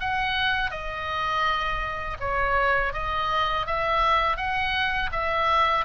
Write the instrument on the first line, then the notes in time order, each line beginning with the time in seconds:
oboe
0.00 F#5
0.71 D#5
2.20 C#5
2.93 D#5
3.66 E5
4.37 F#5
5.12 E5